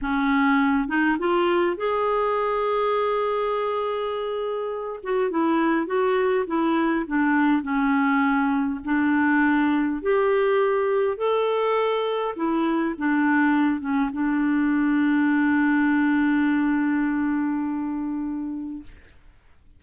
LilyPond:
\new Staff \with { instrumentName = "clarinet" } { \time 4/4 \tempo 4 = 102 cis'4. dis'8 f'4 gis'4~ | gis'1~ | gis'8 fis'8 e'4 fis'4 e'4 | d'4 cis'2 d'4~ |
d'4 g'2 a'4~ | a'4 e'4 d'4. cis'8 | d'1~ | d'1 | }